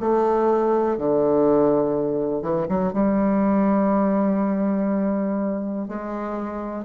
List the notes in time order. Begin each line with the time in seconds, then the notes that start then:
0.00 A3
0.97 D3
2.42 E3
2.68 F#3
2.93 G3
5.88 G#3